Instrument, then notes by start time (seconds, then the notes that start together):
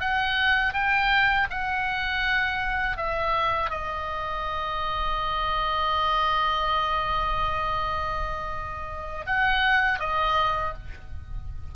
oboe
0.00 F#5
0.73 G5
1.50 F#5
2.97 E5
3.70 D#5
9.26 F#5
10.00 D#5